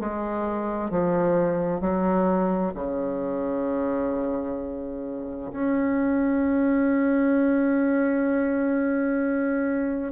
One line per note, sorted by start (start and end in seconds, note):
0.00 0.91 G#3
0.91 1.81 F3
1.81 2.74 F#3
2.75 5.52 C#3
5.53 10.12 C#4